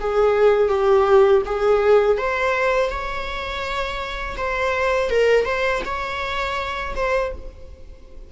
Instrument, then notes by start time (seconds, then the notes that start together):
viola
0.00 G#4
0.69 G4
1.45 G#4
2.18 C5
2.89 C#5
4.37 C5
5.10 A#4
5.45 C5
5.85 C#5
6.95 C5